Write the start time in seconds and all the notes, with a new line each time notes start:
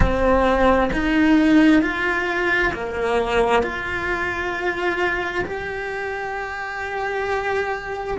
0.00 C4
0.93 D#4
1.82 F4
2.73 A#3
3.62 F4
5.45 G4